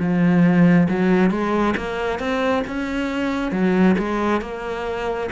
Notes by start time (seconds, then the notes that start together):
0.00 F3
0.90 F#3
1.31 G#3
1.77 A#3
2.19 C4
2.68 C#4
3.52 F#3
3.99 G#3
4.42 A#3